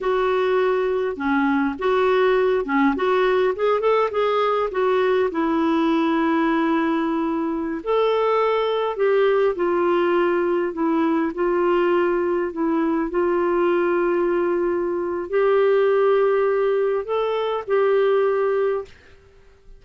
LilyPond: \new Staff \with { instrumentName = "clarinet" } { \time 4/4 \tempo 4 = 102 fis'2 cis'4 fis'4~ | fis'8 cis'8 fis'4 gis'8 a'8 gis'4 | fis'4 e'2.~ | e'4~ e'16 a'2 g'8.~ |
g'16 f'2 e'4 f'8.~ | f'4~ f'16 e'4 f'4.~ f'16~ | f'2 g'2~ | g'4 a'4 g'2 | }